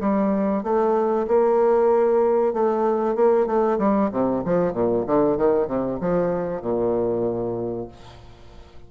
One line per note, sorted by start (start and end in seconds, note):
0.00 0.63 G3
0.63 1.26 A3
1.27 2.53 A#3
2.53 3.15 A3
3.15 3.46 A#3
3.46 3.78 A3
3.78 4.10 G3
4.11 4.43 C3
4.45 4.73 F3
4.73 5.04 A#2
5.06 5.37 D3
5.37 5.67 D#3
5.67 5.99 C3
6.00 6.61 F3
6.61 7.88 A#2